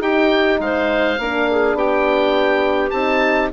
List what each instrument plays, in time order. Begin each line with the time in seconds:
0.00 bassoon D#4, horn D#4, clarinet G4, oboe G5
0.60 bassoon G#3, clarinet C5, oboe F5
1.18 bassoon A#3, horn D4, clarinet A#4
1.51 clarinet G#4
1.74 bassoon B3, clarinet G4, oboe G5
2.90 bassoon C4, horn D#4, oboe A5